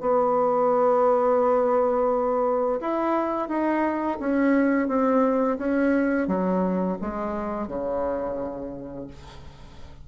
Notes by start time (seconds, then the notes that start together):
0.00 B3
2.80 E4
3.48 D#4
4.20 C#4
4.88 C4
5.58 C#4
6.27 F#3
7.01 G#3
7.67 C#3